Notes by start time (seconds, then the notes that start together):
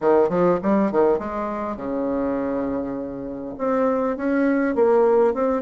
0.00 D#3
0.29 F3
0.62 G3
0.91 D#3
1.19 G#3
1.76 C#3
3.58 C4
4.16 C#4
4.75 A#3
5.33 C4